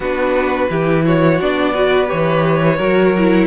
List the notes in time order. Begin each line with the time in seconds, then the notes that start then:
0.00 B3 D4 F#4 B4
0.69 E3 E4 G4
1.05 F#4 C#5
1.41 B3 D4 D5
1.73 F#4 B4
2.06 G4 C#5
2.12 E3
2.77 F#3 F#4 A#4
3.17 E4